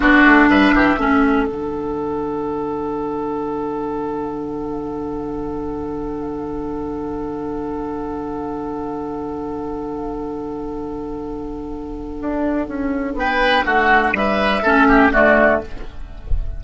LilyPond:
<<
  \new Staff \with { instrumentName = "flute" } { \time 4/4 \tempo 4 = 123 d''4 e''2 fis''4~ | fis''1~ | fis''1~ | fis''1~ |
fis''1~ | fis''1~ | fis''2. g''4 | fis''4 e''2 d''4 | }
  \new Staff \with { instrumentName = "oboe" } { \time 4/4 fis'4 b'8 g'8 a'2~ | a'1~ | a'1~ | a'1~ |
a'1~ | a'1~ | a'2. b'4 | fis'4 b'4 a'8 g'8 fis'4 | }
  \new Staff \with { instrumentName = "clarinet" } { \time 4/4 d'2 cis'4 d'4~ | d'1~ | d'1~ | d'1~ |
d'1~ | d'1~ | d'1~ | d'2 cis'4 a4 | }
  \new Staff \with { instrumentName = "bassoon" } { \time 4/4 b8 a8 g8 e8 a4 d4~ | d1~ | d1~ | d1~ |
d1~ | d1~ | d4 d'4 cis'4 b4 | a4 g4 a4 d4 | }
>>